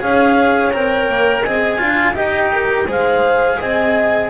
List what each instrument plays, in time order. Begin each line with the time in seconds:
0.00 double bass C#4, cello G#4, horn C#5, clarinet F5
0.73 double bass C4, cello A#4, clarinet G5
1.08 double bass A#3
1.43 double bass C4, cello G#4, horn D#5, clarinet G#5
1.79 double bass D4, cello F4, horn F5
2.14 double bass D#4, cello G4, horn D#5, clarinet G5
2.53 horn A#4
2.87 double bass G#3, cello G#4, horn C5, clarinet F5
3.60 double bass C4, horn D#5, clarinet G#5